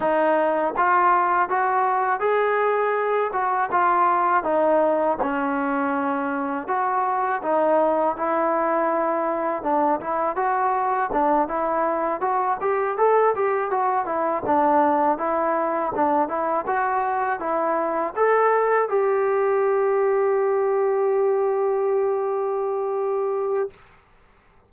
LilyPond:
\new Staff \with { instrumentName = "trombone" } { \time 4/4 \tempo 4 = 81 dis'4 f'4 fis'4 gis'4~ | gis'8 fis'8 f'4 dis'4 cis'4~ | cis'4 fis'4 dis'4 e'4~ | e'4 d'8 e'8 fis'4 d'8 e'8~ |
e'8 fis'8 g'8 a'8 g'8 fis'8 e'8 d'8~ | d'8 e'4 d'8 e'8 fis'4 e'8~ | e'8 a'4 g'2~ g'8~ | g'1 | }